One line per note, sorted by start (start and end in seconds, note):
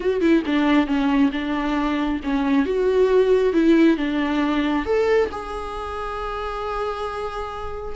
0.00 0.20 F#4
0.20 0.43 E4
0.46 0.86 D4
0.86 1.30 C#4
1.32 2.20 D4
2.23 2.65 C#4
2.65 3.53 F#4
3.53 3.97 E4
3.97 4.85 D4
4.85 5.29 A4
5.31 7.95 G#4